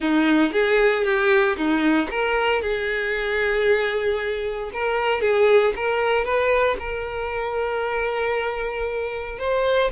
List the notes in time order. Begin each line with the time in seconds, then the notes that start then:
0.00 D#4
0.52 G#4
1.04 G4
1.57 D#4
2.10 A#4
2.62 G#4
4.73 A#4
5.21 G#4
5.76 A#4
6.24 B4
6.79 A#4
9.39 C5